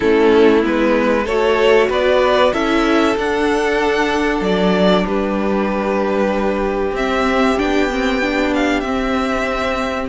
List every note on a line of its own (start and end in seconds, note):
0.00 0.64 A3
0.00 0.62 C#4
0.00 1.24 E4
0.00 0.63 A4
0.62 1.26 G#3
0.62 1.25 B3
0.62 1.26 B4
1.24 1.89 A3
1.24 2.53 F#4
1.24 1.87 A4
1.24 1.89 C#5
1.89 2.52 B3
1.89 2.52 B4
1.89 2.53 D5
2.52 3.16 C#4
2.52 3.16 E4
2.52 5.05 A4
2.52 3.16 E5
3.16 4.41 D4
3.16 6.96 D4
3.16 4.43 F#5
4.41 5.04 F#3
4.41 5.06 D5
5.06 6.92 G3
5.06 10.09 G4
5.06 6.96 B4
6.92 7.55 C4
6.92 7.57 C4
6.92 7.58 E5
7.57 8.83 B3
7.57 7.89 D4
7.57 8.53 G5
7.91 8.21 C4
8.21 8.84 D4
8.54 8.80 F5
8.80 10.09 C4
8.80 10.06 E5